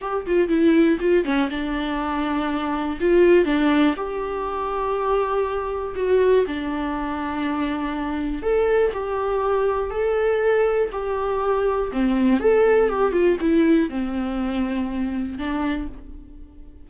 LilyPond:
\new Staff \with { instrumentName = "viola" } { \time 4/4 \tempo 4 = 121 g'8 f'8 e'4 f'8 cis'8 d'4~ | d'2 f'4 d'4 | g'1 | fis'4 d'2.~ |
d'4 a'4 g'2 | a'2 g'2 | c'4 a'4 g'8 f'8 e'4 | c'2. d'4 | }